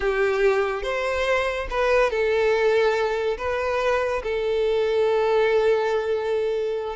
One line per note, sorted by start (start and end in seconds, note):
0.00 0.83 G4
0.83 1.67 C5
1.70 2.10 B4
2.10 3.37 A4
3.37 4.22 B4
4.23 6.96 A4